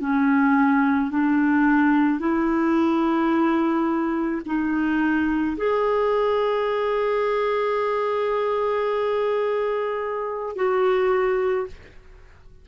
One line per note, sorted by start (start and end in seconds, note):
0.00 1.11 C#4
1.11 2.19 D4
2.19 4.41 E4
4.45 5.57 D#4
5.57 10.56 G#4
10.56 11.67 F#4